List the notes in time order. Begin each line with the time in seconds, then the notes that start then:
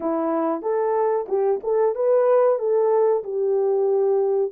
0.00 E4
0.61 A4
1.28 G4
1.63 A4
1.95 B4
2.58 A4
3.23 G4